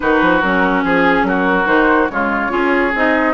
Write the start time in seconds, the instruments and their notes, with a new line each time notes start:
0.00 bassoon D#3, clarinet D#4, oboe F#4, flute B4
0.21 bassoon F3
0.41 bassoon F#3, clarinet C#4, flute A#4
0.84 bassoon F3, oboe G#4, flute G#4
1.22 bassoon F#3, oboe F#4, flute A#4
1.66 bassoon D#3, clarinet D#4, flute C5
2.10 bassoon C#3, clarinet G#3, oboe F4, flute C#5
2.49 bassoon C#4, clarinet F4, oboe G#4
2.94 bassoon C4, clarinet D#4, flute D#5